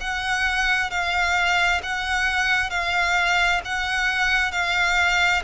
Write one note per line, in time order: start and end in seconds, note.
0.00 0.90 F#5
0.90 1.81 F5
1.82 2.70 F#5
2.70 3.61 F5
3.64 4.51 F#5
4.51 5.42 F5